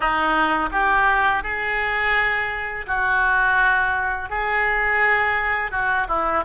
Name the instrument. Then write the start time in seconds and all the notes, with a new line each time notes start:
oboe
0.00 D#4
0.71 G4
1.43 G#4
2.86 F#4
4.29 G#4
5.71 F#4
6.08 E4